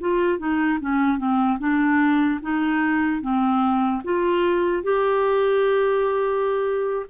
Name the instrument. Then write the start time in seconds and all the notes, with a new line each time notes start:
clarinet
0.00 F4
0.38 D#4
0.80 C#4
1.18 C4
1.59 D4
2.42 D#4
3.21 C4
4.04 F4
4.83 G4